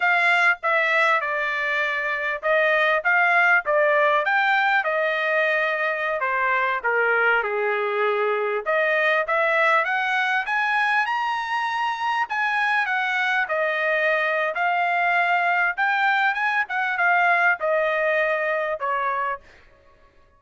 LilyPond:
\new Staff \with { instrumentName = "trumpet" } { \time 4/4 \tempo 4 = 99 f''4 e''4 d''2 | dis''4 f''4 d''4 g''4 | dis''2~ dis''16 c''4 ais'8.~ | ais'16 gis'2 dis''4 e''8.~ |
e''16 fis''4 gis''4 ais''4.~ ais''16~ | ais''16 gis''4 fis''4 dis''4.~ dis''16 | f''2 g''4 gis''8 fis''8 | f''4 dis''2 cis''4 | }